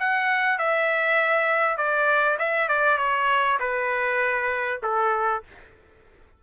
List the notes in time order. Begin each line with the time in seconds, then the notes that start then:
0.00 F#5
0.59 E5
1.77 D5
2.39 E5
2.69 D5
2.98 C#5
3.60 B4
4.83 A4